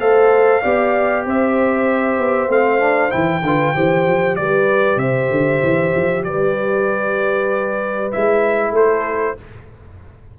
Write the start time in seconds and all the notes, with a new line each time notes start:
0.00 A3 A4 C5 F5
0.62 B3 G4 D5
1.26 C4 C5 E5
2.19 B3
2.49 A3 C4 F5
2.80 D4
3.10 E3 E4 G5
3.43 D3 F4 B4
3.75 E3 G4 C5
4.07 F3
4.36 G3 B4 D5
4.97 C3 C5 E5
5.32 D3
5.63 E3
5.96 F3
6.24 G3 B4 D5
8.12 G#3 E4 E5
8.72 A3 A4 C5